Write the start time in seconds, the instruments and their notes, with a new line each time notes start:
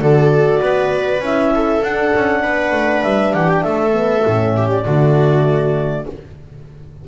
0.00 double bass D3, horn F#4, viola A4, clarinet D5
0.61 double bass B3, viola B4
1.20 double bass C#4, horn E4, clarinet E5
1.54 viola A4
1.83 double bass D4, horn D4, clarinet F#5
2.16 double bass C#4
2.43 double bass B3, viola B4
2.72 double bass A3
3.04 double bass G3, clarinet E5
3.34 double bass E3, viola G4, clarinet F#5
3.49 clarinet G5
3.63 double bass A3, viola A4, clarinet E5
3.93 horn B3
4.27 double bass A2, horn C#4
4.57 viola G4
4.70 clarinet D5
4.85 double bass D3, horn A3, viola F#4